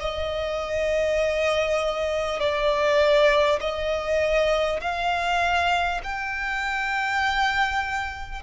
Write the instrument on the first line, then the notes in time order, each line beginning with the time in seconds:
violin
0.00 D#5
2.39 D5
3.60 D#5
4.80 F5
6.03 G5